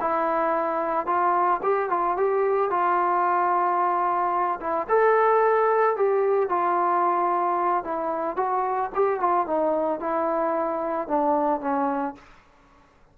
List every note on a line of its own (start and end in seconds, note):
0.00 1.06 E4
1.06 1.60 F4
1.63 1.90 G4
1.90 2.16 F4
2.16 2.70 G4
2.70 4.59 F4
4.60 4.87 E4
4.89 5.96 A4
5.96 6.49 G4
6.49 7.84 F4
7.84 8.36 E4
8.36 8.90 F#4
8.95 9.20 G4
9.20 9.47 F4
9.47 10.00 D#4
10.00 11.08 E4
11.08 11.60 D4
11.60 12.14 C#4